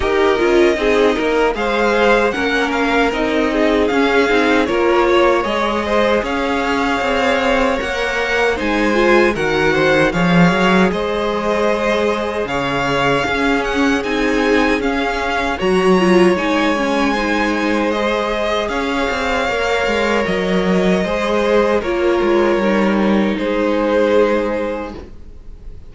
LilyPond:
<<
  \new Staff \with { instrumentName = "violin" } { \time 4/4 \tempo 4 = 77 dis''2 f''4 fis''8 f''8 | dis''4 f''4 cis''4 dis''4 | f''2 fis''4 gis''4 | fis''4 f''4 dis''2 |
f''4. fis''8 gis''4 f''4 | ais''4 gis''2 dis''4 | f''2 dis''2 | cis''2 c''2 | }
  \new Staff \with { instrumentName = "violin" } { \time 4/4 ais'4 gis'8 ais'8 c''4 ais'4~ | ais'8 gis'4. ais'8 cis''4 c''8 | cis''2. c''4 | ais'8 c''8 cis''4 c''2 |
cis''4 gis'2. | cis''2 c''2 | cis''2. c''4 | ais'2 gis'2 | }
  \new Staff \with { instrumentName = "viola" } { \time 4/4 g'8 f'8 dis'4 gis'4 cis'4 | dis'4 cis'8 dis'8 f'4 gis'4~ | gis'2 ais'4 dis'8 f'8 | fis'4 gis'2.~ |
gis'4 cis'4 dis'4 cis'4 | fis'8 f'8 dis'8 cis'8 dis'4 gis'4~ | gis'4 ais'2 gis'4 | f'4 dis'2. | }
  \new Staff \with { instrumentName = "cello" } { \time 4/4 dis'8 cis'8 c'8 ais8 gis4 ais4 | c'4 cis'8 c'8 ais4 gis4 | cis'4 c'4 ais4 gis4 | dis4 f8 fis8 gis2 |
cis4 cis'4 c'4 cis'4 | fis4 gis2. | cis'8 c'8 ais8 gis8 fis4 gis4 | ais8 gis8 g4 gis2 | }
>>